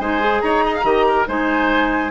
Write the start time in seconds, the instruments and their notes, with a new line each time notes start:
0.00 bassoon G#3, clarinet D#4, oboe C5, flute G#5
0.21 clarinet G#4
0.41 bassoon D#4, oboe C#5, flute A#5
0.66 oboe D#5
0.75 oboe F5
0.84 bassoon D#3, clarinet G4, oboe D#5
1.08 oboe A#4
1.28 bassoon G#3, clarinet D#4, oboe C5, flute G#5